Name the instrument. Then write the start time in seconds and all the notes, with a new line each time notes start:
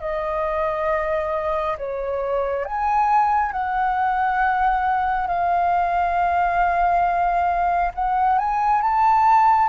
flute
0.00 D#5
1.77 C#5
2.64 G#5
3.52 F#5
5.27 F5
7.94 F#5
8.38 G#5
8.81 A5